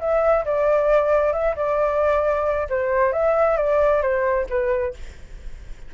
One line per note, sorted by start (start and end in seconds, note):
0.00 0.45 E5
0.45 1.33 D5
1.33 1.55 E5
1.56 2.68 D5
2.70 3.13 C5
3.13 3.57 E5
3.57 4.02 D5
4.02 4.47 C5
4.50 4.94 B4